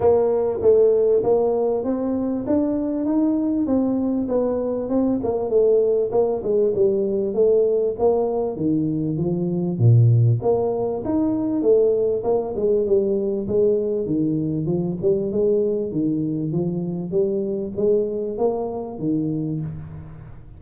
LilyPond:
\new Staff \with { instrumentName = "tuba" } { \time 4/4 \tempo 4 = 98 ais4 a4 ais4 c'4 | d'4 dis'4 c'4 b4 | c'8 ais8 a4 ais8 gis8 g4 | a4 ais4 dis4 f4 |
ais,4 ais4 dis'4 a4 | ais8 gis8 g4 gis4 dis4 | f8 g8 gis4 dis4 f4 | g4 gis4 ais4 dis4 | }